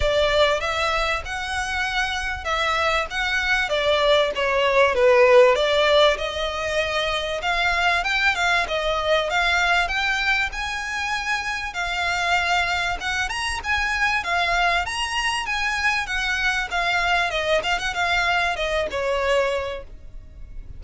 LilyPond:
\new Staff \with { instrumentName = "violin" } { \time 4/4 \tempo 4 = 97 d''4 e''4 fis''2 | e''4 fis''4 d''4 cis''4 | b'4 d''4 dis''2 | f''4 g''8 f''8 dis''4 f''4 |
g''4 gis''2 f''4~ | f''4 fis''8 ais''8 gis''4 f''4 | ais''4 gis''4 fis''4 f''4 | dis''8 f''16 fis''16 f''4 dis''8 cis''4. | }